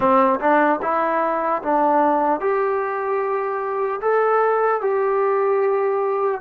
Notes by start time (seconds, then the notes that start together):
0.00 C4
0.40 D4
0.81 E4
1.62 D4
2.40 G4
4.01 A4
4.81 G4